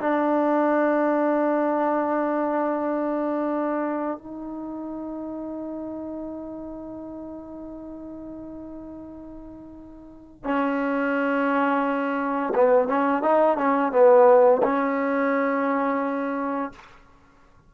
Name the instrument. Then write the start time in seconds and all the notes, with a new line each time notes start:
trombone
0.00 D4
4.18 D#4
10.44 C#4
12.55 B3
12.88 C#4
13.22 D#4
13.57 C#4
13.92 B3
14.63 C#4